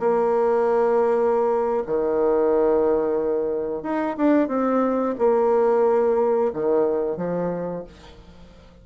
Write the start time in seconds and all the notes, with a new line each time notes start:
0.00 A#3
1.87 D#3
3.83 D#4
4.17 D4
4.48 C4
5.19 A#3
6.53 D#3
7.17 F3